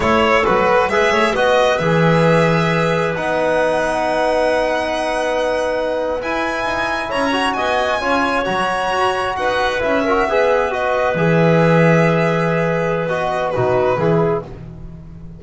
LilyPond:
<<
  \new Staff \with { instrumentName = "violin" } { \time 4/4 \tempo 4 = 133 cis''4 b'4 e''4 dis''4 | e''2. fis''4~ | fis''1~ | fis''4.~ fis''16 gis''2 ais''16~ |
ais''8. gis''2 ais''4~ ais''16~ | ais''8. fis''4 e''2 dis''16~ | dis''8. e''2.~ e''16~ | e''4 dis''4 b'2 | }
  \new Staff \with { instrumentName = "clarinet" } { \time 4/4 a'2 b'8 cis''8 b'4~ | b'1~ | b'1~ | b'2.~ b'8. cis''16~ |
cis''8. dis''4 cis''2~ cis''16~ | cis''8. b'4. ais'8 b'4~ b'16~ | b'1~ | b'2 fis'4 gis'4 | }
  \new Staff \with { instrumentName = "trombone" } { \time 4/4 e'4 fis'4 gis'4 fis'4 | gis'2. dis'4~ | dis'1~ | dis'4.~ dis'16 e'2~ e'16~ |
e'16 fis'4. f'4 fis'4~ fis'16~ | fis'4.~ fis'16 e'8 fis'8 gis'4 fis'16~ | fis'8. gis'2.~ gis'16~ | gis'4 fis'4 dis'4 e'4 | }
  \new Staff \with { instrumentName = "double bass" } { \time 4/4 a4 fis4 gis8 a8 b4 | e2. b4~ | b1~ | b4.~ b16 e'4 dis'4 cis'16~ |
cis'8. b4 cis'4 fis4 fis'16~ | fis'8. dis'4 cis'4 b4~ b16~ | b8. e2.~ e16~ | e4 b4 b,4 e4 | }
>>